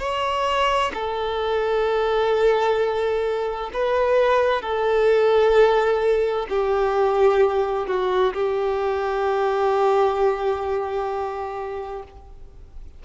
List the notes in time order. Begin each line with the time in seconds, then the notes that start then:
0.00 C#5
0.94 A4
3.74 B4
4.62 A4
6.50 G4
7.88 F#4
8.35 G4